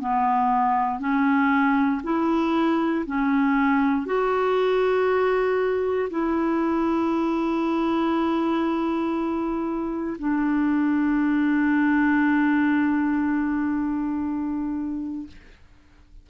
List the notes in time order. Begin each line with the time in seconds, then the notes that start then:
0.00 B3
0.99 C#4
2.03 E4
3.06 C#4
4.05 F#4
6.10 E4
10.18 D4